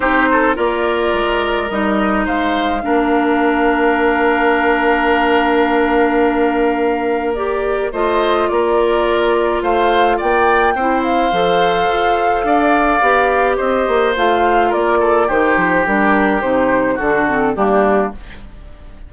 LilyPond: <<
  \new Staff \with { instrumentName = "flute" } { \time 4/4 \tempo 4 = 106 c''4 d''2 dis''4 | f''1~ | f''1~ | f''4 d''4 dis''4 d''4~ |
d''4 f''4 g''4. f''8~ | f''1 | dis''4 f''4 d''4 c''4 | ais'4 c''4 a'4 g'4 | }
  \new Staff \with { instrumentName = "oboe" } { \time 4/4 g'8 a'8 ais'2. | c''4 ais'2.~ | ais'1~ | ais'2 c''4 ais'4~ |
ais'4 c''4 d''4 c''4~ | c''2 d''2 | c''2 ais'8 a'8 g'4~ | g'2 fis'4 d'4 | }
  \new Staff \with { instrumentName = "clarinet" } { \time 4/4 dis'4 f'2 dis'4~ | dis'4 d'2.~ | d'1~ | d'4 g'4 f'2~ |
f'2. e'4 | a'2. g'4~ | g'4 f'2 dis'4 | d'4 dis'4 d'8 c'8 ais4 | }
  \new Staff \with { instrumentName = "bassoon" } { \time 4/4 c'4 ais4 gis4 g4 | gis4 ais2.~ | ais1~ | ais2 a4 ais4~ |
ais4 a4 ais4 c'4 | f4 f'4 d'4 b4 | c'8 ais8 a4 ais4 dis8 f8 | g4 c4 d4 g4 | }
>>